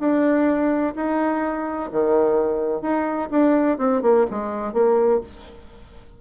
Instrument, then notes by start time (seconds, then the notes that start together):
bassoon
0.00 D4
0.96 D#4
1.92 D#3
2.82 D#4
3.31 D4
3.79 C4
4.02 A#3
4.31 G#3
4.74 A#3